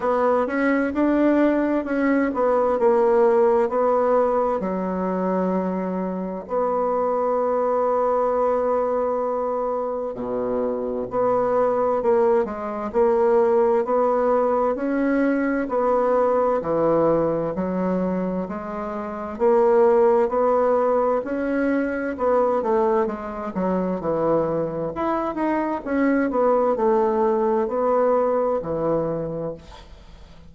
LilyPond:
\new Staff \with { instrumentName = "bassoon" } { \time 4/4 \tempo 4 = 65 b8 cis'8 d'4 cis'8 b8 ais4 | b4 fis2 b4~ | b2. b,4 | b4 ais8 gis8 ais4 b4 |
cis'4 b4 e4 fis4 | gis4 ais4 b4 cis'4 | b8 a8 gis8 fis8 e4 e'8 dis'8 | cis'8 b8 a4 b4 e4 | }